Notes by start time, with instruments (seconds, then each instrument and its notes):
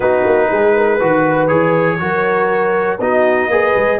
0.00 tuba B3, trombone D#4, horn F#4, trumpet B4
0.25 tuba A#3
0.51 tuba G#3, horn G#4
0.76 horn A#4
0.97 tuba D#3, trombone F#4, horn B4
1.47 tuba E3, trombone G#4, trumpet C#5
1.99 tuba F#3, trombone F#4, horn A#4
2.99 tuba B3, trombone D#4, horn F#4, trumpet D#5
3.47 tuba A#3, trombone G#4, horn B4
3.75 tuba G#3